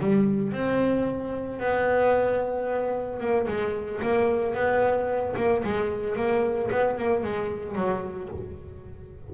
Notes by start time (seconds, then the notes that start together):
0.00 G3
0.53 C4
1.60 B3
3.20 A#3
3.48 G#3
4.03 A#3
4.55 B3
5.37 A#3
5.64 G#3
6.17 A#3
6.72 B3
6.98 A#3
7.23 G#3
7.76 F#3